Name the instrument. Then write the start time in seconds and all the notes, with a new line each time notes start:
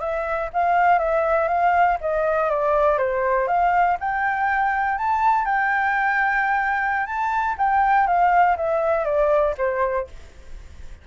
flute
0.00 E5
0.53 F5
0.99 E5
1.48 F5
2.01 D#5
2.50 D5
2.98 C5
3.48 F5
4.00 G5
4.98 A5
5.45 G5
7.06 A5
7.58 G5
8.07 F5
8.57 E5
9.05 D5
9.58 C5